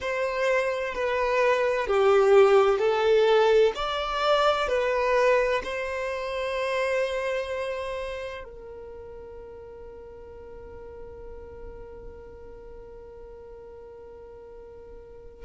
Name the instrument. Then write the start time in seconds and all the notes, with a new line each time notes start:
violin
0.00 C5
0.94 B4
1.87 G4
2.78 A4
3.75 D5
4.68 B4
5.63 C5
8.44 A#4